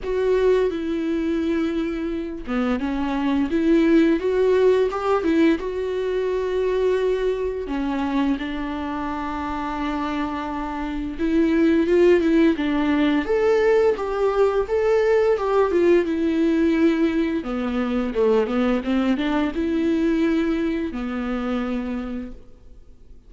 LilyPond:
\new Staff \with { instrumentName = "viola" } { \time 4/4 \tempo 4 = 86 fis'4 e'2~ e'8 b8 | cis'4 e'4 fis'4 g'8 e'8 | fis'2. cis'4 | d'1 |
e'4 f'8 e'8 d'4 a'4 | g'4 a'4 g'8 f'8 e'4~ | e'4 b4 a8 b8 c'8 d'8 | e'2 b2 | }